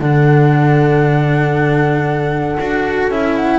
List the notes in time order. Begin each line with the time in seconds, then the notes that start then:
0.00 D3 D4 A4 F#5
2.59 D4 F#4
3.09 C#4 E4 E5
3.36 F#5